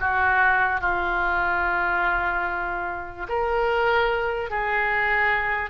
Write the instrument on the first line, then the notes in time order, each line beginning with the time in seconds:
oboe
0.00 F#4
0.81 F4
3.29 A#4
4.50 G#4